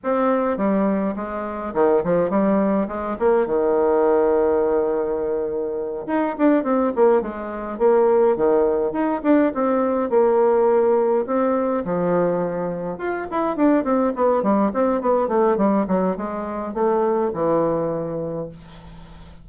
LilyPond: \new Staff \with { instrumentName = "bassoon" } { \time 4/4 \tempo 4 = 104 c'4 g4 gis4 dis8 f8 | g4 gis8 ais8 dis2~ | dis2~ dis8 dis'8 d'8 c'8 | ais8 gis4 ais4 dis4 dis'8 |
d'8 c'4 ais2 c'8~ | c'8 f2 f'8 e'8 d'8 | c'8 b8 g8 c'8 b8 a8 g8 fis8 | gis4 a4 e2 | }